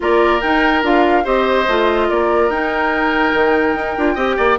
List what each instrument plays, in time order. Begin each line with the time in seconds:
0.00 bassoon A#3, clarinet F4, oboe A#4, flute D5
0.41 bassoon D#4, clarinet D#4, flute G5
0.82 bassoon D4, clarinet F4, flute F5
1.24 bassoon C4, clarinet G4, oboe C5, flute D#5
1.67 bassoon A3, clarinet F4
2.09 bassoon A#3, oboe A#4, flute D5
2.49 bassoon D#4, clarinet D#4, flute G5
3.33 bassoon D#3
3.75 bassoon D#4
3.97 bassoon D4, clarinet F4
4.14 bassoon C4, clarinet G4, oboe D#5
4.36 bassoon A#3, oboe D5